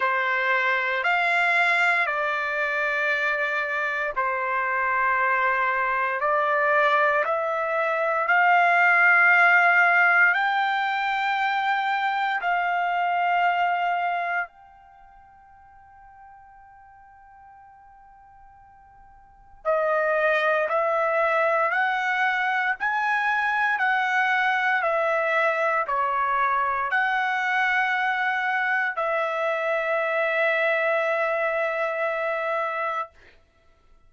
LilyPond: \new Staff \with { instrumentName = "trumpet" } { \time 4/4 \tempo 4 = 58 c''4 f''4 d''2 | c''2 d''4 e''4 | f''2 g''2 | f''2 g''2~ |
g''2. dis''4 | e''4 fis''4 gis''4 fis''4 | e''4 cis''4 fis''2 | e''1 | }